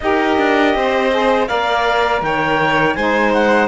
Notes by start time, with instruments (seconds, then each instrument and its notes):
0.00 cello D#4, saxophone G4, violin A#4, clarinet D#5
0.38 cello D4
0.74 cello C4, violin C5
1.10 saxophone G#4
1.47 cello A#3, saxophone A#4, violin D5, clarinet F5
2.21 cello D#3, violin C#5, clarinet G5
2.95 cello G#3, saxophone D#4, violin C5, clarinet G#5
3.33 clarinet F#5